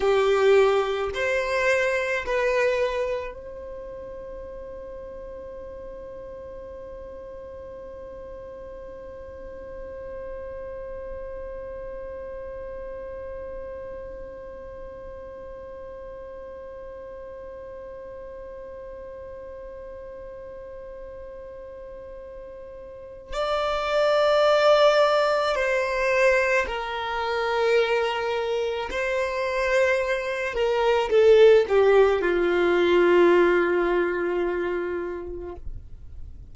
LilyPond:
\new Staff \with { instrumentName = "violin" } { \time 4/4 \tempo 4 = 54 g'4 c''4 b'4 c''4~ | c''1~ | c''1~ | c''1~ |
c''1~ | c''4 d''2 c''4 | ais'2 c''4. ais'8 | a'8 g'8 f'2. | }